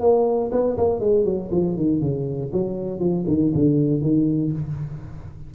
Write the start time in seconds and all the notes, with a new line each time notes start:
0.00 A#3
0.51 B3
0.77 A#3
1.00 G#3
1.24 F#3
1.51 F3
1.76 D#3
2.00 C#3
2.52 F#3
2.99 F3
3.27 D#3
3.54 D3
4.01 D#3